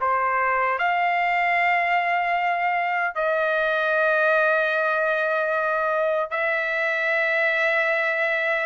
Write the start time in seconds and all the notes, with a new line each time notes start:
0.00 C5
0.78 F5
3.15 D#5
6.30 E5